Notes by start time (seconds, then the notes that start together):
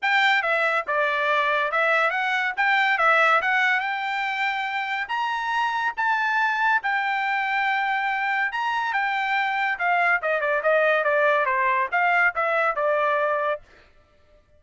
0.02 G5
0.42 E5
0.87 D5
1.71 E5
2.10 F#5
2.56 G5
2.98 E5
3.41 F#5
3.80 G5
5.08 A#5
5.96 A5
6.83 G5
8.52 A#5
8.93 G5
9.78 F5
10.21 D#5
10.40 D5
10.62 D#5
11.04 D5
11.45 C5
11.91 F5
12.35 E5
12.75 D5